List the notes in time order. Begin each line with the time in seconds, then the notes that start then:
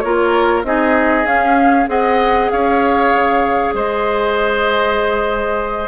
0.00 A#3 F4 A#4 C#5
0.64 C4 D#4 G#4 D#5
1.25 C#4 F5
1.86 C4 G#4 D#5 F#5
2.50 C#4 C#5 F5
3.14 C#3
3.73 G#3 C5 D#5